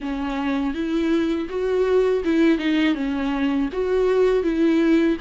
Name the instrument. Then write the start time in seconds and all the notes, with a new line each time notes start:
viola
0.00 C#4
0.73 E4
1.49 F#4
2.24 E4
2.58 D#4
2.95 C#4
3.72 F#4
4.43 E4